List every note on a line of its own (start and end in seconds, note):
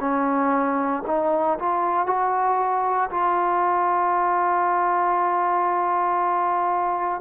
0.00 1.03 C#4
1.07 1.58 D#4
1.59 2.06 F4
2.06 3.10 F#4
3.11 7.21 F4